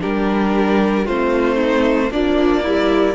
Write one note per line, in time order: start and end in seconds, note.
0.00 1.07 G3
0.00 1.05 D4
0.00 1.05 G4
0.00 1.07 A#4
1.05 2.11 A3
1.05 2.12 C4
1.05 1.55 F4
1.05 2.12 C5
1.55 2.08 D#4
2.11 2.64 F3
2.11 3.15 A#3
2.11 2.63 D4
2.11 3.15 D5
2.63 3.15 G3
2.63 3.15 E4